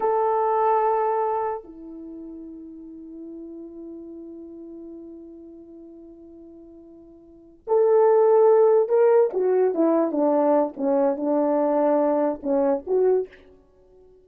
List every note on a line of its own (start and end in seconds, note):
0.00 1.63 A4
1.63 7.63 E4
7.67 8.89 A4
8.89 9.30 A#4
9.33 9.74 F#4
9.74 10.11 E4
10.11 10.73 D4
10.77 11.16 C#4
11.16 12.40 D4
12.42 12.84 C#4
12.86 13.28 F#4